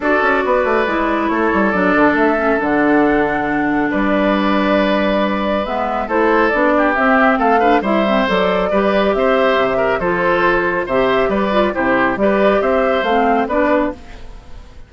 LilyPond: <<
  \new Staff \with { instrumentName = "flute" } { \time 4/4 \tempo 4 = 138 d''2. cis''4 | d''4 e''4 fis''2~ | fis''4 d''2.~ | d''4 e''4 c''4 d''4 |
e''4 f''4 e''4 d''4~ | d''4 e''2 c''4~ | c''4 e''4 d''4 c''4 | d''4 e''4 f''4 d''4 | }
  \new Staff \with { instrumentName = "oboe" } { \time 4/4 a'4 b'2 a'4~ | a'1~ | a'4 b'2.~ | b'2 a'4. g'8~ |
g'4 a'8 b'8 c''2 | b'4 c''4. ais'8 a'4~ | a'4 c''4 b'4 g'4 | b'4 c''2 b'4 | }
  \new Staff \with { instrumentName = "clarinet" } { \time 4/4 fis'2 e'2 | d'4. cis'8 d'2~ | d'1~ | d'4 b4 e'4 d'4 |
c'4. d'8 e'8 c'8 a'4 | g'2. f'4~ | f'4 g'4. f'8 e'4 | g'2 c'4 d'4 | }
  \new Staff \with { instrumentName = "bassoon" } { \time 4/4 d'8 cis'8 b8 a8 gis4 a8 g8 | fis8 d8 a4 d2~ | d4 g2.~ | g4 gis4 a4 b4 |
c'4 a4 g4 fis4 | g4 c'4 c4 f4~ | f4 c4 g4 c4 | g4 c'4 a4 b4 | }
>>